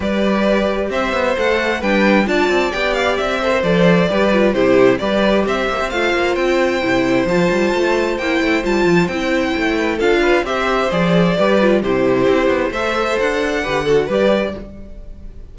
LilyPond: <<
  \new Staff \with { instrumentName = "violin" } { \time 4/4 \tempo 4 = 132 d''2 e''4 fis''4 | g''4 a''4 g''8 f''8 e''4 | d''2 c''4 d''4 | e''4 f''4 g''2 |
a''2 g''4 a''4 | g''2 f''4 e''4 | d''2 c''2 | e''4 fis''2 d''4 | }
  \new Staff \with { instrumentName = "violin" } { \time 4/4 b'2 c''2 | b'4 d''2~ d''8 c''8~ | c''4 b'4 g'4 b'4 | c''1~ |
c''1~ | c''4. b'8 a'8 b'8 c''4~ | c''4 b'4 g'2 | c''2 b'8 a'8 b'4 | }
  \new Staff \with { instrumentName = "viola" } { \time 4/4 g'2. a'4 | d'4 f'4 g'4. a'16 ais'16 | a'4 g'8 f'8 e'4 g'4~ | g'4 f'2 e'4 |
f'2 e'4 f'4 | e'2 f'4 g'4 | gis'4 g'8 f'8 e'2 | a'2 g'8 fis'8 g'4 | }
  \new Staff \with { instrumentName = "cello" } { \time 4/4 g2 c'8 b8 a4 | g4 d'8 c'8 b4 c'4 | f4 g4 c4 g4 | c'8 ais16 c'16 a8 ais8 c'4 c4 |
f8 g8 a4 ais8 a8 g8 f8 | c'4 a4 d'4 c'4 | f4 g4 c4 c'8 b8 | a4 d'4 d4 g4 | }
>>